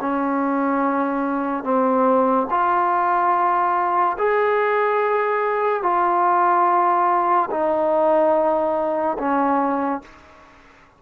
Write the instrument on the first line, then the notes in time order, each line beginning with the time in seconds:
trombone
0.00 C#4
1.63 C4
2.50 F4
4.18 G#4
5.82 F4
7.50 D#4
9.18 C#4